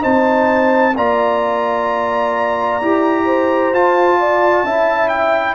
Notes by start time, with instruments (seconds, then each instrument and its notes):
0.00 tuba C4, trombone D#4, horn C5, trumpet A5
0.96 tuba A#3, trombone F4, horn D5, trumpet A#5
2.81 tuba E4, trombone G4
3.25 horn C5
3.72 tuba F4, trombone F4, trumpet A5
4.19 horn D5
4.63 tuba C#4, trombone E4, horn E5
5.08 trumpet G5